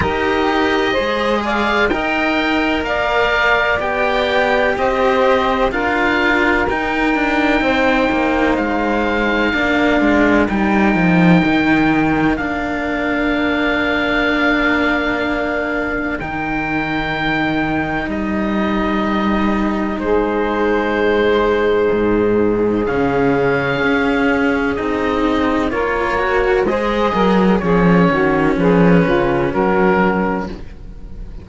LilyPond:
<<
  \new Staff \with { instrumentName = "oboe" } { \time 4/4 \tempo 4 = 63 dis''4. f''8 g''4 f''4 | g''4 dis''4 f''4 g''4~ | g''4 f''2 g''4~ | g''4 f''2.~ |
f''4 g''2 dis''4~ | dis''4 c''2. | f''2 dis''4 cis''4 | dis''4 cis''4 b'4 ais'4 | }
  \new Staff \with { instrumentName = "saxophone" } { \time 4/4 ais'4 c''8 d''8 dis''4 d''4~ | d''4 c''4 ais'2 | c''2 ais'2~ | ais'1~ |
ais'1~ | ais'4 gis'2.~ | gis'2. ais'4 | c''8 ais'8 gis'8 fis'8 gis'8 f'8 fis'4 | }
  \new Staff \with { instrumentName = "cello" } { \time 4/4 g'4 gis'4 ais'2 | g'2 f'4 dis'4~ | dis'2 d'4 dis'4~ | dis'4 d'2.~ |
d'4 dis'2.~ | dis'1 | cis'2 dis'4 f'8 fis'8 | gis'4 cis'2. | }
  \new Staff \with { instrumentName = "cello" } { \time 4/4 dis'4 gis4 dis'4 ais4 | b4 c'4 d'4 dis'8 d'8 | c'8 ais8 gis4 ais8 gis8 g8 f8 | dis4 ais2.~ |
ais4 dis2 g4~ | g4 gis2 gis,4 | cis4 cis'4 c'4 ais4 | gis8 fis8 f8 dis8 f8 cis8 fis4 | }
>>